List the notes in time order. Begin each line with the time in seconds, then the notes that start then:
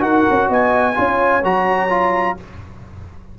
0.00 D#4 F#4 A#4 F#5
0.30 C#4
0.49 B3 D#5 G#5
0.95 C#4 F4 C#5
1.44 F#3 F#4 A#5
1.90 F4